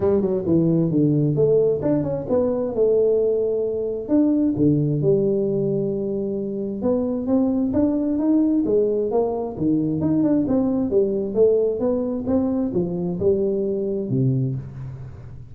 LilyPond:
\new Staff \with { instrumentName = "tuba" } { \time 4/4 \tempo 4 = 132 g8 fis8 e4 d4 a4 | d'8 cis'8 b4 a2~ | a4 d'4 d4 g4~ | g2. b4 |
c'4 d'4 dis'4 gis4 | ais4 dis4 dis'8 d'8 c'4 | g4 a4 b4 c'4 | f4 g2 c4 | }